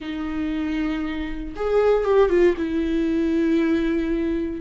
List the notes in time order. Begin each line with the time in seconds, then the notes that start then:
0.00 D#4
1.56 G#4
2.04 G4
2.29 F4
2.57 E4